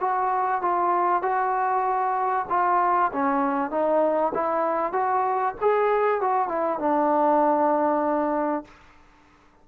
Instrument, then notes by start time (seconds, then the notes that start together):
trombone
0.00 F#4
0.61 F4
1.22 F#4
2.49 F4
3.12 C#4
3.71 D#4
4.34 E4
4.92 F#4
5.61 G#4
6.21 F#4
6.48 E4
6.79 D4